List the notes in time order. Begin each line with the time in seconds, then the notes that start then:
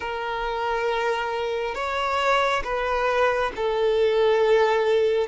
0.00 A#4
1.74 C#5
2.64 B4
3.55 A4